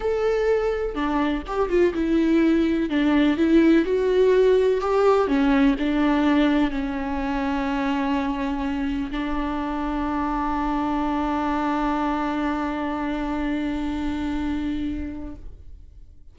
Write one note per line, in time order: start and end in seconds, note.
0.00 0.94 A4
0.94 1.42 D4
1.46 1.69 G4
1.69 1.93 F4
1.94 2.89 E4
2.89 3.37 D4
3.37 3.85 E4
3.85 4.80 F#4
4.80 5.27 G4
5.27 5.75 C#4
5.78 6.70 D4
6.70 9.10 C#4
9.11 15.35 D4